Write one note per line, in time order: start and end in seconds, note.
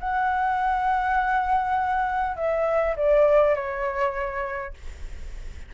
0.00 2.36 F#5
2.36 2.96 E5
2.96 3.55 D5
3.55 4.74 C#5